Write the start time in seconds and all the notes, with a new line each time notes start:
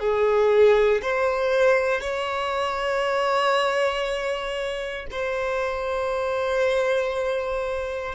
0.00 G#4
1.02 C5
2.02 C#5
5.11 C5